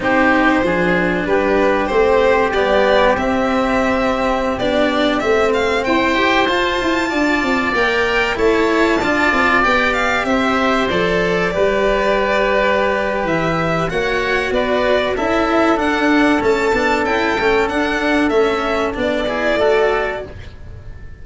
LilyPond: <<
  \new Staff \with { instrumentName = "violin" } { \time 4/4 \tempo 4 = 95 c''2 b'4 c''4 | d''4 e''2~ e''16 d''8.~ | d''16 e''8 f''8 g''4 a''4.~ a''16~ | a''16 g''4 a''2 g''8 f''16~ |
f''16 e''4 d''2~ d''8.~ | d''4 e''4 fis''4 d''4 | e''4 fis''4 a''4 g''4 | fis''4 e''4 d''2 | }
  \new Staff \with { instrumentName = "oboe" } { \time 4/4 g'4 gis'4 g'2~ | g'1~ | g'4~ g'16 c''2 d''8.~ | d''4~ d''16 cis''4 d''4.~ d''16~ |
d''16 c''2 b'4.~ b'16~ | b'2 cis''4 b'4 | a'1~ | a'2~ a'8 gis'8 a'4 | }
  \new Staff \with { instrumentName = "cello" } { \time 4/4 dis'4 d'2 c'4 | b4 c'2~ c'16 d'8.~ | d'16 c'4. g'8 f'4.~ f'16~ | f'16 ais'4 e'4 f'4 g'8.~ |
g'4~ g'16 a'4 g'4.~ g'16~ | g'2 fis'2 | e'4 d'4 cis'8 d'8 e'8 cis'8 | d'4 cis'4 d'8 e'8 fis'4 | }
  \new Staff \with { instrumentName = "tuba" } { \time 4/4 c'4 f4 g4 a4 | g4 c'2~ c'16 b8.~ | b16 a4 e'4 f'8 e'8 d'8 c'16~ | c'16 ais4 a4 d'8 c'8 b8.~ |
b16 c'4 f4 g4.~ g16~ | g4 e4 ais4 b4 | cis'4 d'4 a8 b8 cis'8 a8 | d'4 a4 b4 a4 | }
>>